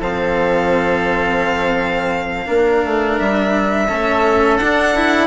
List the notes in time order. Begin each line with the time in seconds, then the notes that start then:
0.00 F3 C4 A4 F5
2.47 A#3 D4 A#4
2.85 A3
3.19 G3 E5
3.88 A3 C#4 A4
4.57 D4 F#5
4.96 E4